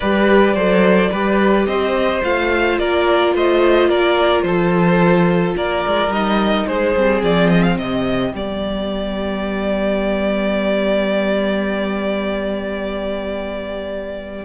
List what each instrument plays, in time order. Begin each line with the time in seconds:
0.00 cello G3, viola G4, violin B4 D5
0.54 cello F#3, viola A4, violin C5
1.11 cello G3, viola G4, violin B4
1.66 cello C4, violin C5 D#5
2.22 cello A3, viola F4, violin F5
2.78 cello A#3, violin A#4 D5
3.34 cello A3, violin C5 D#5
3.88 cello A#3, violin A#4 D5
4.42 cello F3, violin A4 C5
5.56 cello A#3, violin A#4 D5
5.87 cello G#3
6.08 cello G3, viola D#4, violin D#5
6.66 cello G#3, violin G#4 C5
6.95 cello G3, viola C4
7.22 cello F3, violin D5
7.49 violin D#5
7.63 violin F5
7.77 cello C3, violin G4 D#5
8.33 cello G3, viola B3, violin D5